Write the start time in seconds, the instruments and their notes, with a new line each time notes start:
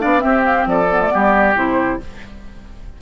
0.00 bassoon B3, clarinet D4, oboe D5, flute F5
0.18 clarinet C4, bassoon C4, oboe G4, flute E5
0.45 flute F5
0.66 bassoon F3, oboe A4, flute D5
0.91 clarinet B3
1.01 clarinet A3
1.09 bassoon G3, clarinet B3, oboe G4
1.55 bassoon C3, clarinet E4, flute C5